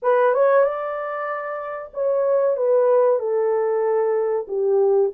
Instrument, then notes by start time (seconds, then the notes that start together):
horn
0.02 B4
0.34 C#5
0.64 D5
1.93 C#5
2.56 B4
3.19 A4
4.47 G4